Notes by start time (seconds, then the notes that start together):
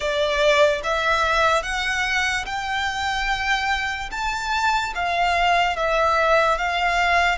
0.00 D5
0.83 E5
1.63 F#5
2.45 G5
4.11 A5
4.94 F5
5.76 E5
6.58 F5